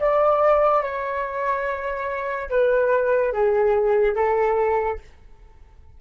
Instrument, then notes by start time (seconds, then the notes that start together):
flute
0.00 D5
0.83 C#5
2.50 B4
3.33 G#4
4.16 A4